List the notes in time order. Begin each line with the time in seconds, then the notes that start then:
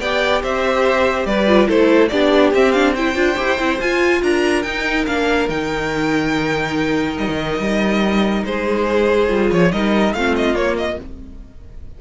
0.00 B3 G4 D5 G5
0.43 C4 C5 E5
1.26 G3 B4 D5
1.48 F4
1.67 A3 E4 A4 C5
2.09 B3 D4 G4 D5
2.54 C4 E5
2.72 D4 F5
2.93 E4 C5 G5
3.15 D4 F4
3.37 E4 G4
3.58 C4 E4
3.80 F4 G#5
4.22 D4 A#4 A#5
4.63 D#4 G5
5.07 A#3 D4 F5
5.49 D#3 D#4 G5
7.18 G3 D#5
7.29 D#3
7.59 G3
8.45 G#3 G#4 C5
9.29 G3 F4
9.51 F3 C#5
9.72 G3 D#4 A#4 D#5
10.14 A3 C4 F4 F5
10.36 D#5
10.54 A#3 C#5
10.78 D#5